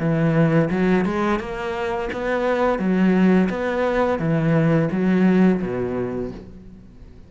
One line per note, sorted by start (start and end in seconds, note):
0.00 0.70 E3
0.71 1.06 F#3
1.06 1.40 G#3
1.40 2.10 A#3
2.13 2.79 B3
2.79 3.49 F#3
3.50 4.20 B3
4.20 4.90 E3
4.92 5.62 F#3
5.62 6.32 B2